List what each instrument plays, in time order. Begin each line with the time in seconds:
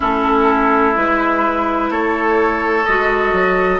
0.00 bassoon A3, clarinet C#4, oboe E4, flute A4
0.94 bassoon G#3, clarinet E4, flute B4
1.90 bassoon A3, oboe A4, flute C#5
2.85 bassoon G#3, clarinet F#4, flute D#5
3.32 bassoon F#3